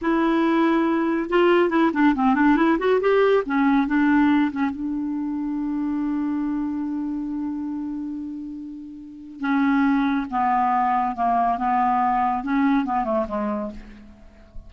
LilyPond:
\new Staff \with { instrumentName = "clarinet" } { \time 4/4 \tempo 4 = 140 e'2. f'4 | e'8 d'8 c'8 d'8 e'8 fis'8 g'4 | cis'4 d'4. cis'8 d'4~ | d'1~ |
d'1~ | d'2 cis'2 | b2 ais4 b4~ | b4 cis'4 b8 a8 gis4 | }